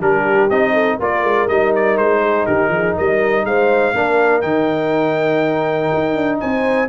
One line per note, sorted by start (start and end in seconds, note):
0.00 0.49 G3
0.00 0.49 D4
0.00 0.73 G4
0.00 0.50 A#4
0.50 0.99 C4
0.50 1.00 D#4
0.50 0.99 D#5
0.73 0.97 A4
0.99 1.24 A#3
0.99 1.49 F4
0.99 2.21 A#4
0.99 1.48 D5
1.24 1.48 G#3
1.48 1.97 G3
1.48 3.94 D#4
1.48 1.73 D#5
1.75 1.97 D5
1.97 2.46 G#3
1.97 2.46 C5
2.21 2.45 G#4
2.46 2.68 D#3
2.46 2.70 G4
2.46 2.95 A#4
2.68 2.93 F3
2.68 2.96 G#4
2.96 3.44 G3
2.96 3.45 A#4
2.96 3.45 D#5
3.44 3.93 G#3
3.44 3.94 C5
3.44 4.41 F5
3.94 4.43 A#3
3.94 4.42 D4
3.94 6.40 A#4
4.41 5.90 D#3
4.41 6.88 D#4
4.41 6.38 G5
5.93 6.16 D#4
6.16 6.40 D4
6.40 6.89 C4
6.40 6.89 C5
6.40 6.89 G#5